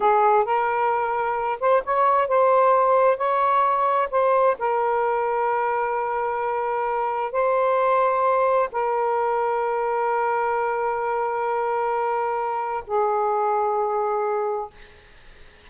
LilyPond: \new Staff \with { instrumentName = "saxophone" } { \time 4/4 \tempo 4 = 131 gis'4 ais'2~ ais'8 c''8 | cis''4 c''2 cis''4~ | cis''4 c''4 ais'2~ | ais'1 |
c''2. ais'4~ | ais'1~ | ais'1 | gis'1 | }